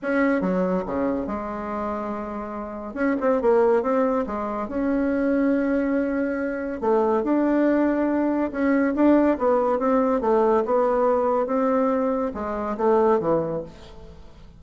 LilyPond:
\new Staff \with { instrumentName = "bassoon" } { \time 4/4 \tempo 4 = 141 cis'4 fis4 cis4 gis4~ | gis2. cis'8 c'8 | ais4 c'4 gis4 cis'4~ | cis'1 |
a4 d'2. | cis'4 d'4 b4 c'4 | a4 b2 c'4~ | c'4 gis4 a4 e4 | }